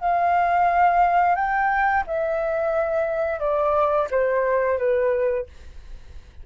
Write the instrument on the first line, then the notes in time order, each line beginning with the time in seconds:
flute
0.00 F5
1.36 G5
2.07 E5
3.40 D5
4.11 C5
4.78 B4